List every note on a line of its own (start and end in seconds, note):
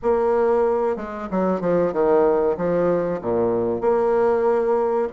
0.02 0.96 A#3
0.96 1.28 G#3
1.31 1.60 F#3
1.60 1.92 F3
1.92 2.56 D#3
2.57 3.21 F3
3.21 3.80 A#2
3.80 5.08 A#3